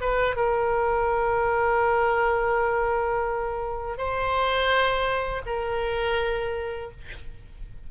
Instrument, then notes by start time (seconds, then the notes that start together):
oboe
0.00 B4
0.36 A#4
3.97 C5
5.46 A#4